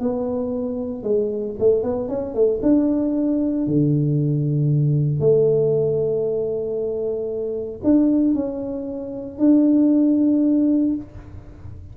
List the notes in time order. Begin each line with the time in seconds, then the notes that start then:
0.00 B3
1.03 G#3
1.59 A3
1.83 B3
2.08 C#4
2.34 A3
2.62 D4
3.67 D3
5.20 A3
7.84 D4
8.34 C#4
9.39 D4